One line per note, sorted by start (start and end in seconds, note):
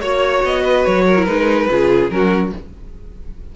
0.00 0.43 A#3
0.00 1.17 F#4
0.00 0.42 C#5
0.00 0.62 C#5
0.43 0.85 B3
0.43 0.85 D#5
0.62 1.04 B4
0.85 1.27 F#3
0.85 1.24 C#5
1.05 1.68 A#4
1.17 1.26 E4
1.24 1.69 G#3
1.24 1.68 D#4
1.24 2.08 B4
1.70 2.10 C#3
1.70 2.10 F4
1.70 2.13 G#4
2.10 2.52 F#3
2.10 2.52 C#4
2.10 2.55 F#4
2.10 2.52 A#4